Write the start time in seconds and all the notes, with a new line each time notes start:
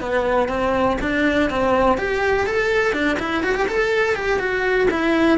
0.00 B3
0.48 C4
1.01 D4
1.49 C4
1.97 G4
2.46 A4
2.92 D4
3.19 E4
3.43 F#4
3.54 G4
3.67 A4
4.15 G4
4.39 F#4
4.90 E4